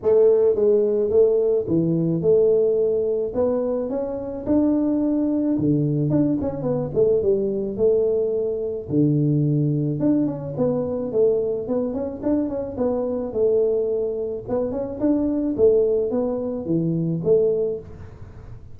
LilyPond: \new Staff \with { instrumentName = "tuba" } { \time 4/4 \tempo 4 = 108 a4 gis4 a4 e4 | a2 b4 cis'4 | d'2 d4 d'8 cis'8 | b8 a8 g4 a2 |
d2 d'8 cis'8 b4 | a4 b8 cis'8 d'8 cis'8 b4 | a2 b8 cis'8 d'4 | a4 b4 e4 a4 | }